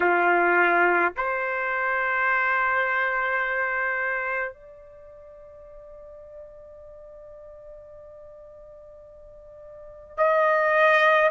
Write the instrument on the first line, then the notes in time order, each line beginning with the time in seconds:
trumpet
0.00 F4
1.16 C5
4.53 D5
10.17 D#5